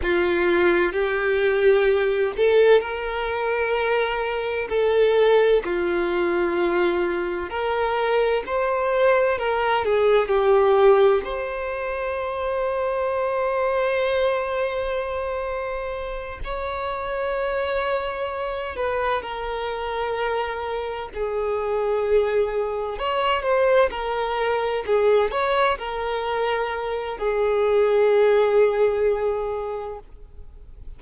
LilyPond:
\new Staff \with { instrumentName = "violin" } { \time 4/4 \tempo 4 = 64 f'4 g'4. a'8 ais'4~ | ais'4 a'4 f'2 | ais'4 c''4 ais'8 gis'8 g'4 | c''1~ |
c''4. cis''2~ cis''8 | b'8 ais'2 gis'4.~ | gis'8 cis''8 c''8 ais'4 gis'8 cis''8 ais'8~ | ais'4 gis'2. | }